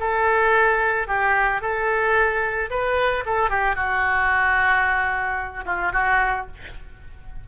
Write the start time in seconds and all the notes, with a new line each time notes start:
0.00 A4
1.08 G4
1.62 A4
2.71 B4
3.26 A4
3.50 G4
3.76 F#4
5.66 F4
5.93 F#4